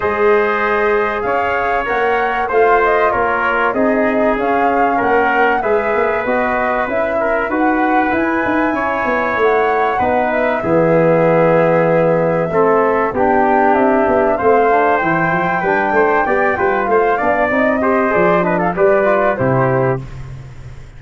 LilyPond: <<
  \new Staff \with { instrumentName = "flute" } { \time 4/4 \tempo 4 = 96 dis''2 f''4 fis''4 | f''8 dis''8 cis''4 dis''4 f''4 | fis''4 e''4 dis''4 e''4 | fis''4 gis''2 fis''4~ |
fis''8 e''2.~ e''8~ | e''4 g''4 e''4 f''4 | g''2. f''4 | dis''4 d''8 dis''16 f''16 d''4 c''4 | }
  \new Staff \with { instrumentName = "trumpet" } { \time 4/4 c''2 cis''2 | c''4 ais'4 gis'2 | ais'4 b'2~ b'8 ais'8 | b'2 cis''2 |
b'4 gis'2. | a'4 g'2 c''4~ | c''4 b'8 c''8 d''8 b'8 c''8 d''8~ | d''8 c''4 b'16 a'16 b'4 g'4 | }
  \new Staff \with { instrumentName = "trombone" } { \time 4/4 gis'2. ais'4 | f'2 dis'4 cis'4~ | cis'4 gis'4 fis'4 e'4 | fis'4 e'2. |
dis'4 b2. | c'4 d'2 c'8 d'8 | e'4 d'4 g'8 f'4 d'8 | dis'8 g'8 gis'8 d'8 g'8 f'8 e'4 | }
  \new Staff \with { instrumentName = "tuba" } { \time 4/4 gis2 cis'4 ais4 | a4 ais4 c'4 cis'4 | ais4 gis8 ais8 b4 cis'4 | dis'4 e'8 dis'8 cis'8 b8 a4 |
b4 e2. | a4 b4 c'8 b8 a4 | e8 f8 g8 a8 b8 g8 a8 b8 | c'4 f4 g4 c4 | }
>>